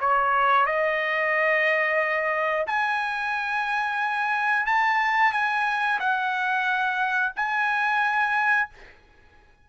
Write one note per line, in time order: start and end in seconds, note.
0.00 0.66 C#5
0.66 2.66 D#5
2.67 4.66 G#5
4.66 5.32 A5
5.32 5.99 G#5
6.00 7.33 F#5
7.36 8.69 G#5